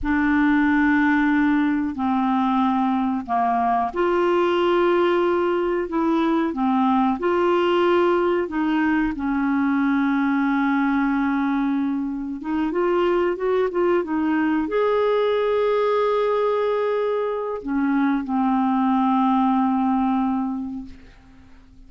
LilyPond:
\new Staff \with { instrumentName = "clarinet" } { \time 4/4 \tempo 4 = 92 d'2. c'4~ | c'4 ais4 f'2~ | f'4 e'4 c'4 f'4~ | f'4 dis'4 cis'2~ |
cis'2. dis'8 f'8~ | f'8 fis'8 f'8 dis'4 gis'4.~ | gis'2. cis'4 | c'1 | }